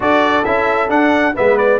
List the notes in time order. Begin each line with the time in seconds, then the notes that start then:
0.00 D4 F#4 A4 D5
0.44 C#4 E4 E5
0.88 D4 F#5
1.34 G#3 B3 B4 E5
1.57 D5